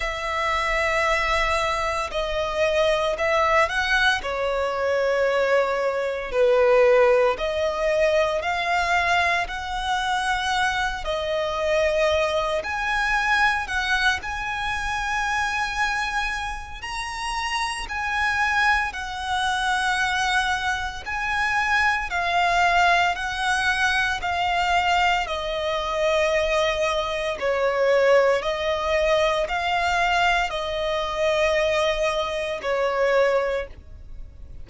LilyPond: \new Staff \with { instrumentName = "violin" } { \time 4/4 \tempo 4 = 57 e''2 dis''4 e''8 fis''8 | cis''2 b'4 dis''4 | f''4 fis''4. dis''4. | gis''4 fis''8 gis''2~ gis''8 |
ais''4 gis''4 fis''2 | gis''4 f''4 fis''4 f''4 | dis''2 cis''4 dis''4 | f''4 dis''2 cis''4 | }